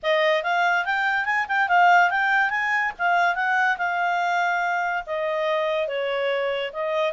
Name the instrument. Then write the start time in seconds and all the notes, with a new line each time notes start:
clarinet
0.02 D#5
0.43 F5
0.85 G5
1.25 G#5
1.48 G5
1.68 F5
2.10 G5
2.50 G#5
2.98 F5
3.35 F#5
3.77 F5
5.06 D#5
5.87 C#5
6.72 D#5